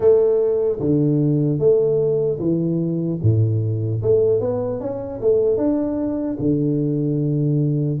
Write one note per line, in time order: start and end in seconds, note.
0.00 0.79 A3
0.79 1.59 D3
1.59 2.39 A3
2.39 3.19 E3
3.22 4.02 A2
4.02 4.40 A3
4.40 4.80 B3
4.80 5.20 C#4
5.20 5.57 A3
5.57 6.37 D4
6.39 7.99 D3